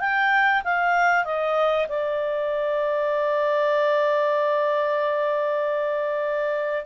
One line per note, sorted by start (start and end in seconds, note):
0.00 0.62 G5
0.64 1.25 F5
1.25 1.87 D#5
1.89 6.86 D5